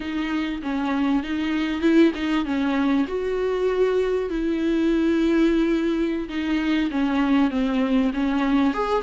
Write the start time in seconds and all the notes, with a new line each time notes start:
0.00 D#4
0.62 C#4
1.23 D#4
1.81 E4
2.14 D#4
2.45 C#4
3.08 F#4
4.29 E4
6.28 D#4
6.90 C#4
7.50 C4
8.13 C#4
8.73 G#4